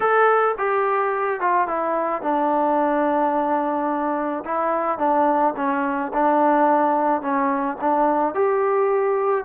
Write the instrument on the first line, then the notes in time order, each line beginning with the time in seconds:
trombone
0.00 A4
0.58 G4
1.40 F4
1.67 E4
2.21 D4
4.44 E4
4.98 D4
5.56 C#4
6.13 D4
7.21 C#4
7.80 D4
8.34 G4